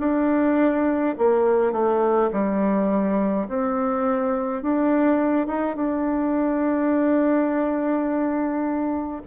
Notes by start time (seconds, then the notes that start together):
0.00 D4
1.19 A#3
1.73 A3
2.33 G3
3.49 C4
4.63 D4
5.48 D#4
5.76 D4